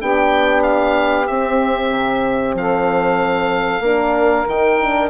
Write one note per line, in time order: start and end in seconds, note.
0.00 1.29 B3
0.00 1.28 D4
0.00 2.57 G4
0.00 0.63 G5
0.63 1.27 F5
1.27 1.90 C4
1.27 3.83 C4
1.27 2.55 E5
1.90 2.54 C3
2.54 3.80 F3
2.54 3.83 A4
2.54 4.48 F5
3.80 4.44 A#3
3.80 4.47 D4
3.80 5.09 A#4
4.47 5.09 D#3
4.47 4.80 D#4
4.47 5.09 G5
4.81 5.09 D4